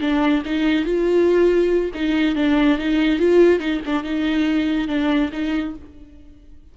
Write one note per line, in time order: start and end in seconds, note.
0.00 0.43 D4
0.45 0.84 D#4
0.84 1.91 F4
1.94 2.35 D#4
2.35 2.78 D4
2.78 3.19 D#4
3.19 3.59 F4
3.59 3.80 D#4
3.85 4.03 D4
4.03 4.87 D#4
4.87 5.30 D4
5.32 5.74 D#4